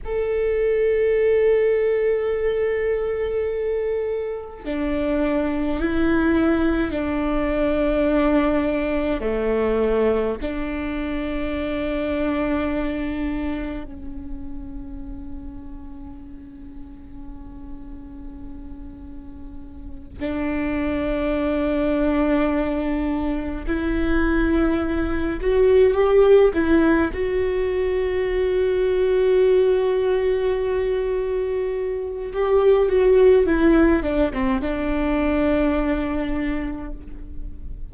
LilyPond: \new Staff \with { instrumentName = "viola" } { \time 4/4 \tempo 4 = 52 a'1 | d'4 e'4 d'2 | a4 d'2. | cis'1~ |
cis'4. d'2~ d'8~ | d'8 e'4. fis'8 g'8 e'8 fis'8~ | fis'1 | g'8 fis'8 e'8 d'16 c'16 d'2 | }